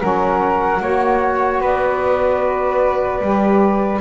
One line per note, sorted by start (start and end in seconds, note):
0.00 0.81 F#3
0.00 0.80 C#4
0.00 0.81 A#4
0.00 1.60 F#5
0.81 1.61 A#3
0.81 3.21 F#4
0.81 1.61 C#5
1.61 3.21 B3
1.61 4.00 B4
1.61 4.00 D5
3.21 4.00 G3
3.21 4.00 G4